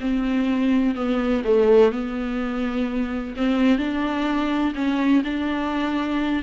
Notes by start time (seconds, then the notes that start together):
0.00 C4
0.95 B3
1.44 A3
1.92 B3
3.37 C4
3.78 D4
4.75 C#4
5.24 D4